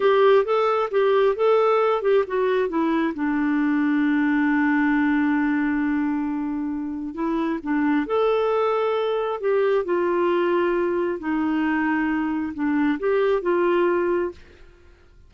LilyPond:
\new Staff \with { instrumentName = "clarinet" } { \time 4/4 \tempo 4 = 134 g'4 a'4 g'4 a'4~ | a'8 g'8 fis'4 e'4 d'4~ | d'1~ | d'1 |
e'4 d'4 a'2~ | a'4 g'4 f'2~ | f'4 dis'2. | d'4 g'4 f'2 | }